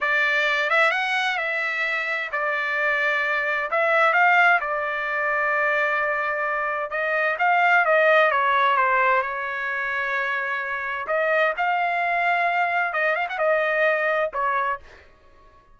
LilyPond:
\new Staff \with { instrumentName = "trumpet" } { \time 4/4 \tempo 4 = 130 d''4. e''8 fis''4 e''4~ | e''4 d''2. | e''4 f''4 d''2~ | d''2. dis''4 |
f''4 dis''4 cis''4 c''4 | cis''1 | dis''4 f''2. | dis''8 f''16 fis''16 dis''2 cis''4 | }